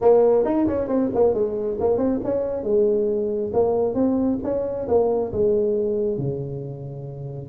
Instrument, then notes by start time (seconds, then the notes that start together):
tuba
0.01 A#3
0.44 D#4
0.67 C#4
0.87 C4
1.14 A#3
1.34 G#3
1.79 A#3
1.97 C4
2.23 C#4
2.63 G#3
3.53 A#3
3.94 C4
4.43 C#4
4.87 A#3
5.32 G#3
6.17 C#3